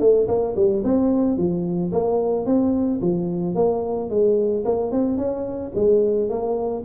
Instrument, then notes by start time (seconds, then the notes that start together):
tuba
0.00 A3
0.28 A#3
0.56 G3
0.84 C4
1.37 F3
1.92 A#3
2.46 C4
3.01 F3
3.55 A#3
4.10 G#3
4.65 A#3
4.91 C4
5.17 C#4
5.75 G#3
6.29 A#3